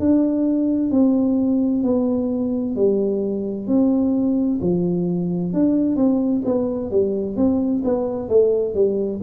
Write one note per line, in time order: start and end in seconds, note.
0.00 0.91 D4
0.91 1.83 C4
1.83 2.76 B3
2.76 3.68 G3
3.68 4.60 C4
4.62 5.53 F3
5.53 5.96 D4
5.96 6.42 C4
6.45 6.91 B3
6.91 7.37 G3
7.37 7.83 C4
7.84 8.29 B3
8.29 8.74 A3
8.74 9.21 G3